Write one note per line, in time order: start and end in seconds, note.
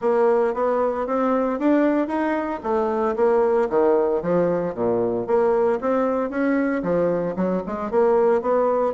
0.01 0.54 A#3
0.54 1.06 B3
1.06 1.59 C4
1.59 2.07 D4
2.07 2.60 D#4
2.63 3.15 A3
3.16 3.68 A#3
3.69 4.22 D#3
4.22 4.74 F3
4.74 5.27 A#2
5.27 5.79 A#3
5.80 6.29 C4
6.29 6.82 C#4
6.83 7.35 F3
7.36 7.62 F#3
7.66 7.90 G#3
7.90 8.41 A#3
8.41 8.93 B3